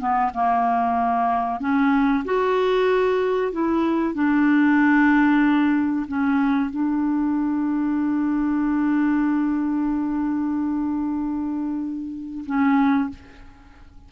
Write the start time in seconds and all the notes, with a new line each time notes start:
0.00 B3
0.34 A#3
1.60 C#4
2.25 F#4
3.52 E4
4.15 D4
6.08 C#4
6.71 D4
12.46 C#4